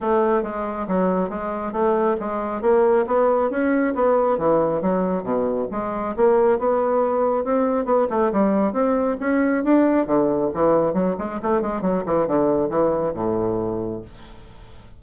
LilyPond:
\new Staff \with { instrumentName = "bassoon" } { \time 4/4 \tempo 4 = 137 a4 gis4 fis4 gis4 | a4 gis4 ais4 b4 | cis'4 b4 e4 fis4 | b,4 gis4 ais4 b4~ |
b4 c'4 b8 a8 g4 | c'4 cis'4 d'4 d4 | e4 fis8 gis8 a8 gis8 fis8 e8 | d4 e4 a,2 | }